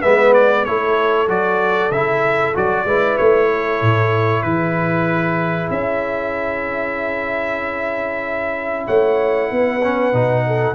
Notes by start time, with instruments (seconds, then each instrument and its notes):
0.00 tuba G#3, trombone B3, horn B4, trumpet E5
0.33 trumpet D5
0.64 tuba A3, trombone E4, horn A4, trumpet C#5
1.28 tuba F#3, trombone F#4, trumpet D5
1.90 tuba C#3, trombone E4, trumpet E5
2.54 tuba F#3, trombone F#4, trumpet D5
2.85 tuba G#3, trombone E4, horn B4
3.17 tuba A3, trumpet C#5
3.52 horn A4
3.81 tuba A2
4.42 tuba E3, horn G#4, trumpet B4
5.70 tuba C#4, trumpet E5
8.86 tuba A3, horn C#5, trumpet F#5
9.50 tuba B3, horn B4
9.82 trombone C#4
10.12 tuba B2, trombone D#4
10.46 horn A4